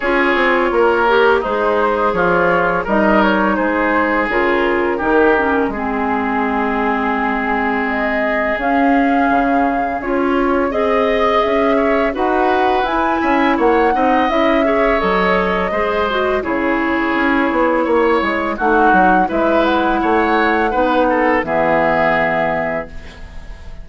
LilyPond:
<<
  \new Staff \with { instrumentName = "flute" } { \time 4/4 \tempo 4 = 84 cis''2 c''4 cis''4 | dis''8 cis''8 c''4 ais'2 | gis'2. dis''4 | f''2 cis''4 dis''4 |
e''4 fis''4 gis''4 fis''4 | e''4 dis''2 cis''4~ | cis''2 fis''4 e''8 fis''8~ | fis''2 e''2 | }
  \new Staff \with { instrumentName = "oboe" } { \time 4/4 gis'4 ais'4 dis'4 f'4 | ais'4 gis'2 g'4 | gis'1~ | gis'2. dis''4~ |
dis''8 cis''8 b'4. e''8 cis''8 dis''8~ | dis''8 cis''4. c''4 gis'4~ | gis'4 cis''4 fis'4 b'4 | cis''4 b'8 a'8 gis'2 | }
  \new Staff \with { instrumentName = "clarinet" } { \time 4/4 f'4. g'8 gis'2 | dis'2 f'4 dis'8 cis'8 | c'1 | cis'2 f'4 gis'4~ |
gis'4 fis'4 e'4. dis'8 | e'8 gis'8 a'4 gis'8 fis'8 e'4~ | e'2 dis'4 e'4~ | e'4 dis'4 b2 | }
  \new Staff \with { instrumentName = "bassoon" } { \time 4/4 cis'8 c'8 ais4 gis4 f4 | g4 gis4 cis4 dis4 | gis1 | cis'4 cis4 cis'4 c'4 |
cis'4 dis'4 e'8 cis'8 ais8 c'8 | cis'4 fis4 gis4 cis4 | cis'8 b8 ais8 gis8 a8 fis8 gis4 | a4 b4 e2 | }
>>